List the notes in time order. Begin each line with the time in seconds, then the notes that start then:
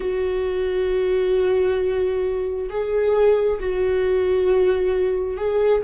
0.00 F#4
2.69 G#4
3.59 F#4
5.37 G#4